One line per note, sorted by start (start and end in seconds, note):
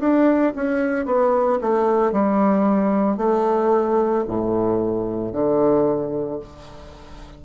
0.00 0.54 D4
0.56 1.06 C#4
1.06 1.59 B3
1.62 2.13 A3
2.13 3.18 G3
3.18 4.25 A3
4.28 5.33 A2
5.33 6.40 D3